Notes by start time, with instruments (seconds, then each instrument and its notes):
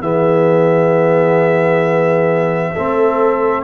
0.00 tuba E3, trombone B3, horn G#4, trumpet E5
2.74 tuba A3, trombone C4, horn A4